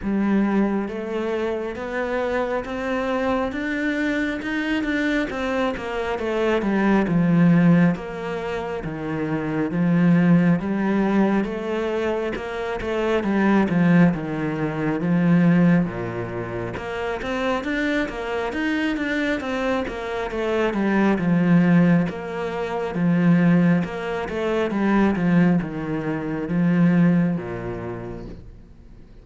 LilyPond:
\new Staff \with { instrumentName = "cello" } { \time 4/4 \tempo 4 = 68 g4 a4 b4 c'4 | d'4 dis'8 d'8 c'8 ais8 a8 g8 | f4 ais4 dis4 f4 | g4 a4 ais8 a8 g8 f8 |
dis4 f4 ais,4 ais8 c'8 | d'8 ais8 dis'8 d'8 c'8 ais8 a8 g8 | f4 ais4 f4 ais8 a8 | g8 f8 dis4 f4 ais,4 | }